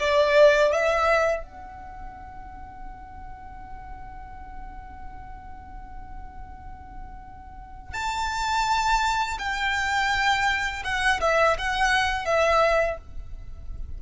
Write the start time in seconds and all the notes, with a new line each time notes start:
0.00 D5
0.72 E5
1.43 F#5
7.94 A5
9.39 G5
10.84 F#5
11.21 E5
11.58 F#5
12.26 E5